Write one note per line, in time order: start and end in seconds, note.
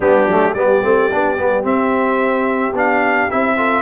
0.00 0.25 G3
0.00 0.28 B3
0.00 0.52 D4
0.00 0.54 G4
0.26 0.54 F#3
0.26 0.56 A3
0.53 0.82 G3
0.53 0.82 B3
0.53 3.56 G4
0.53 1.64 D5
0.82 1.10 A3
0.82 1.10 C4
1.11 1.38 B3
1.11 1.37 D4
1.37 1.64 G3
1.37 1.62 B3
1.62 2.72 C4
1.62 2.75 E5
2.72 3.27 B3
2.72 3.29 D4
2.72 3.30 F5
3.29 3.81 C4
3.29 3.57 E4
3.29 3.81 E5
3.56 3.81 F4
3.56 3.81 A4